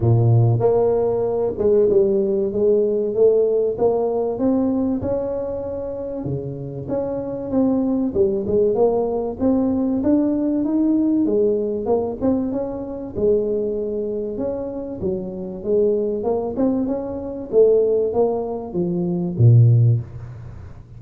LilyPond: \new Staff \with { instrumentName = "tuba" } { \time 4/4 \tempo 4 = 96 ais,4 ais4. gis8 g4 | gis4 a4 ais4 c'4 | cis'2 cis4 cis'4 | c'4 g8 gis8 ais4 c'4 |
d'4 dis'4 gis4 ais8 c'8 | cis'4 gis2 cis'4 | fis4 gis4 ais8 c'8 cis'4 | a4 ais4 f4 ais,4 | }